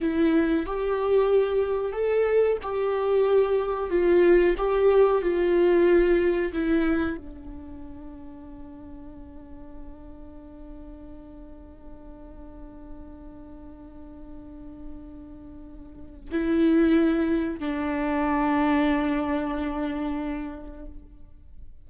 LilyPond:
\new Staff \with { instrumentName = "viola" } { \time 4/4 \tempo 4 = 92 e'4 g'2 a'4 | g'2 f'4 g'4 | f'2 e'4 d'4~ | d'1~ |
d'1~ | d'1~ | d'4 e'2 d'4~ | d'1 | }